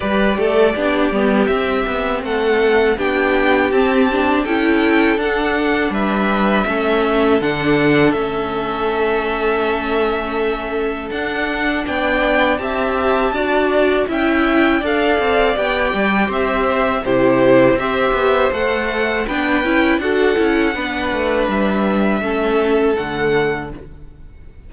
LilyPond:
<<
  \new Staff \with { instrumentName = "violin" } { \time 4/4 \tempo 4 = 81 d''2 e''4 fis''4 | g''4 a''4 g''4 fis''4 | e''2 fis''4 e''4~ | e''2. fis''4 |
g''4 a''2 g''4 | f''4 g''4 e''4 c''4 | e''4 fis''4 g''4 fis''4~ | fis''4 e''2 fis''4 | }
  \new Staff \with { instrumentName = "violin" } { \time 4/4 b'8 a'8 g'2 a'4 | g'2 a'2 | b'4 a'2.~ | a'1 |
d''4 e''4 d''4 e''4 | d''2 c''4 g'4 | c''2 b'4 a'4 | b'2 a'2 | }
  \new Staff \with { instrumentName = "viola" } { \time 4/4 g'4 d'8 b8 c'2 | d'4 c'8 d'8 e'4 d'4~ | d'4 cis'4 d'4 cis'4~ | cis'2. d'4~ |
d'4 g'4 fis'4 e'4 | a'4 g'2 e'4 | g'4 a'4 d'8 e'8 fis'8 e'8 | d'2 cis'4 a4 | }
  \new Staff \with { instrumentName = "cello" } { \time 4/4 g8 a8 b8 g8 c'8 b8 a4 | b4 c'4 cis'4 d'4 | g4 a4 d4 a4~ | a2. d'4 |
b4 c'4 d'4 cis'4 | d'8 c'8 b8 g8 c'4 c4 | c'8 b8 a4 b8 cis'8 d'8 cis'8 | b8 a8 g4 a4 d4 | }
>>